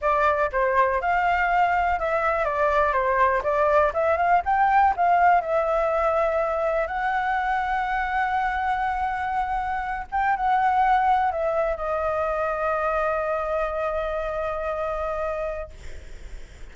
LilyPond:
\new Staff \with { instrumentName = "flute" } { \time 4/4 \tempo 4 = 122 d''4 c''4 f''2 | e''4 d''4 c''4 d''4 | e''8 f''8 g''4 f''4 e''4~ | e''2 fis''2~ |
fis''1~ | fis''8 g''8 fis''2 e''4 | dis''1~ | dis''1 | }